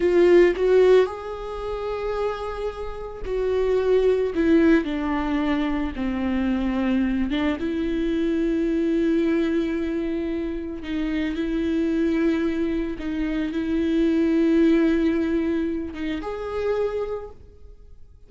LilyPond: \new Staff \with { instrumentName = "viola" } { \time 4/4 \tempo 4 = 111 f'4 fis'4 gis'2~ | gis'2 fis'2 | e'4 d'2 c'4~ | c'4. d'8 e'2~ |
e'1 | dis'4 e'2. | dis'4 e'2.~ | e'4. dis'8 gis'2 | }